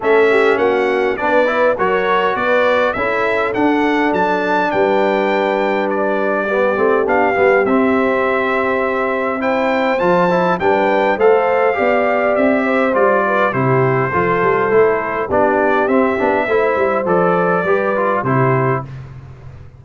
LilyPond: <<
  \new Staff \with { instrumentName = "trumpet" } { \time 4/4 \tempo 4 = 102 e''4 fis''4 d''4 cis''4 | d''4 e''4 fis''4 a''4 | g''2 d''2 | f''4 e''2. |
g''4 a''4 g''4 f''4~ | f''4 e''4 d''4 c''4~ | c''2 d''4 e''4~ | e''4 d''2 c''4 | }
  \new Staff \with { instrumentName = "horn" } { \time 4/4 a'8 g'8 fis'4 b'4 ais'4 | b'4 a'2. | b'2. g'4~ | g'1 |
c''2 b'4 c''4 | d''4. c''4 b'8 g'4 | a'2 g'2 | c''2 b'4 g'4 | }
  \new Staff \with { instrumentName = "trombone" } { \time 4/4 cis'2 d'8 e'8 fis'4~ | fis'4 e'4 d'2~ | d'2. b8 c'8 | d'8 b8 c'2. |
e'4 f'8 e'8 d'4 a'4 | g'2 f'4 e'4 | f'4 e'4 d'4 c'8 d'8 | e'4 a'4 g'8 f'8 e'4 | }
  \new Staff \with { instrumentName = "tuba" } { \time 4/4 a4 ais4 b4 fis4 | b4 cis'4 d'4 fis4 | g2.~ g8 a8 | b8 g8 c'2.~ |
c'4 f4 g4 a4 | b4 c'4 g4 c4 | f8 g8 a4 b4 c'8 b8 | a8 g8 f4 g4 c4 | }
>>